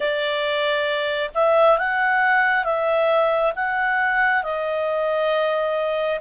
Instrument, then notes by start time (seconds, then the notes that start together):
clarinet
0.00 D5
1.34 E5
1.78 F#5
2.64 E5
3.55 F#5
4.43 D#5